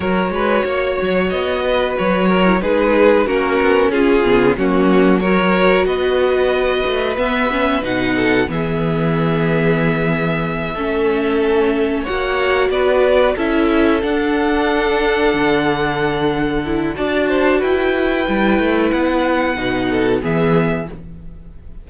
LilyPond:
<<
  \new Staff \with { instrumentName = "violin" } { \time 4/4 \tempo 4 = 92 cis''2 dis''4 cis''4 | b'4 ais'4 gis'4 fis'4 | cis''4 dis''2 e''4 | fis''4 e''2.~ |
e''2~ e''8 fis''4 d''8~ | d''8 e''4 fis''2~ fis''8~ | fis''2 a''4 g''4~ | g''4 fis''2 e''4 | }
  \new Staff \with { instrumentName = "violin" } { \time 4/4 ais'8 b'8 cis''4. b'4 ais'8 | gis'4 fis'4 f'4 cis'4 | ais'4 b'2.~ | b'8 a'8 gis'2.~ |
gis'8 a'2 cis''4 b'8~ | b'8 a'2.~ a'8~ | a'2 d''8 c''8 b'4~ | b'2~ b'8 a'8 gis'4 | }
  \new Staff \with { instrumentName = "viola" } { \time 4/4 fis'2.~ fis'8. e'16 | dis'4 cis'4. b8 ais4 | fis'2. b8 cis'8 | dis'4 b2.~ |
b8 cis'2 fis'4.~ | fis'8 e'4 d'2~ d'8~ | d'4. e'8 fis'2 | e'2 dis'4 b4 | }
  \new Staff \with { instrumentName = "cello" } { \time 4/4 fis8 gis8 ais8 fis8 b4 fis4 | gis4 ais8 b8 cis'8 cis8 fis4~ | fis4 b4. a8 b4 | b,4 e2.~ |
e8 a2 ais4 b8~ | b8 cis'4 d'2 d8~ | d2 d'4 e'4 | g8 a8 b4 b,4 e4 | }
>>